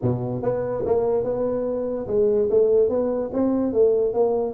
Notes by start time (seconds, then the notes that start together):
0.02 B2
0.42 B3
0.85 A#3
1.24 B3
2.07 G#3
2.50 A3
2.89 B3
3.33 C4
3.72 A3
4.13 A#3